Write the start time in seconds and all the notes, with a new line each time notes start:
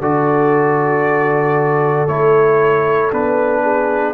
0.00 D3 F#4 A4 D5
2.08 A3 E4 C#5
3.12 B3 D4 B4
3.63 G#4